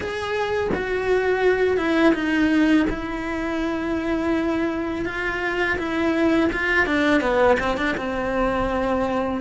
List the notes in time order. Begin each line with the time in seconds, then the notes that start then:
0.00 G#4
0.74 F#4
1.77 E4
2.14 D#4
2.89 E4
5.05 F4
5.78 E4
6.52 F4
6.86 D4
7.21 B3
7.59 C4
7.77 D4
7.97 C4